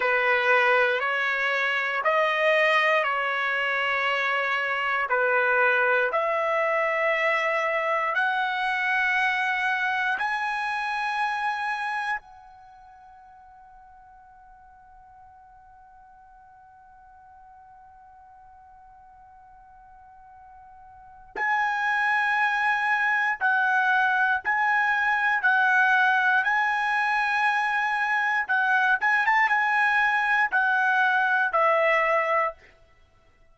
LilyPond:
\new Staff \with { instrumentName = "trumpet" } { \time 4/4 \tempo 4 = 59 b'4 cis''4 dis''4 cis''4~ | cis''4 b'4 e''2 | fis''2 gis''2 | fis''1~ |
fis''1~ | fis''4 gis''2 fis''4 | gis''4 fis''4 gis''2 | fis''8 gis''16 a''16 gis''4 fis''4 e''4 | }